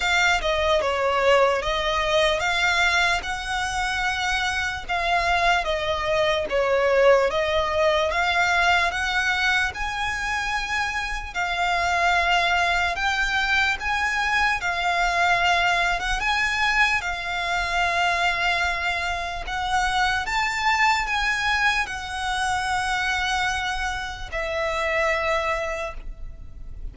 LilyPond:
\new Staff \with { instrumentName = "violin" } { \time 4/4 \tempo 4 = 74 f''8 dis''8 cis''4 dis''4 f''4 | fis''2 f''4 dis''4 | cis''4 dis''4 f''4 fis''4 | gis''2 f''2 |
g''4 gis''4 f''4.~ f''16 fis''16 | gis''4 f''2. | fis''4 a''4 gis''4 fis''4~ | fis''2 e''2 | }